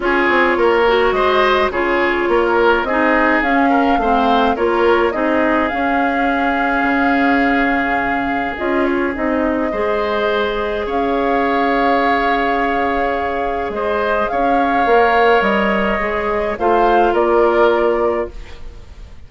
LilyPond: <<
  \new Staff \with { instrumentName = "flute" } { \time 4/4 \tempo 4 = 105 cis''2 dis''4 cis''4~ | cis''4 dis''4 f''2 | cis''4 dis''4 f''2~ | f''2. dis''8 cis''8 |
dis''2. f''4~ | f''1 | dis''4 f''2 dis''4~ | dis''4 f''4 d''2 | }
  \new Staff \with { instrumentName = "oboe" } { \time 4/4 gis'4 ais'4 c''4 gis'4 | ais'4 gis'4. ais'8 c''4 | ais'4 gis'2.~ | gis'1~ |
gis'4 c''2 cis''4~ | cis''1 | c''4 cis''2.~ | cis''4 c''4 ais'2 | }
  \new Staff \with { instrumentName = "clarinet" } { \time 4/4 f'4. fis'4. f'4~ | f'4 dis'4 cis'4 c'4 | f'4 dis'4 cis'2~ | cis'2. f'4 |
dis'4 gis'2.~ | gis'1~ | gis'2 ais'2 | gis'4 f'2. | }
  \new Staff \with { instrumentName = "bassoon" } { \time 4/4 cis'8 c'8 ais4 gis4 cis4 | ais4 c'4 cis'4 a4 | ais4 c'4 cis'2 | cis2. cis'4 |
c'4 gis2 cis'4~ | cis'1 | gis4 cis'4 ais4 g4 | gis4 a4 ais2 | }
>>